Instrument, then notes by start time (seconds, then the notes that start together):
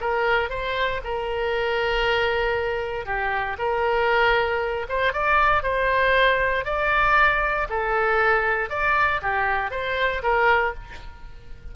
oboe
0.00 A#4
0.49 C5
1.04 A#4
3.05 G4
3.58 A#4
4.89 C5
5.12 D5
5.62 C5
6.65 D5
7.69 A4
8.69 D5
9.22 G4
9.70 C5
10.22 A#4